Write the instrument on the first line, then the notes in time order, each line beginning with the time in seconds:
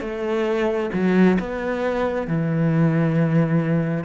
cello
0.00 A3
0.93 F#3
1.39 B3
2.27 E3